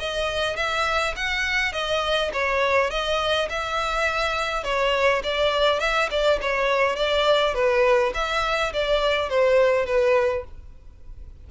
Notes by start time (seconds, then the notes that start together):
0.00 D#5
0.57 E5
1.17 F#5
1.73 D#5
2.34 C#5
2.91 D#5
3.50 E5
4.64 C#5
5.24 D5
5.80 E5
6.11 D5
6.42 C#5
6.96 D5
7.55 B4
8.15 E5
8.74 D5
9.30 C5
9.87 B4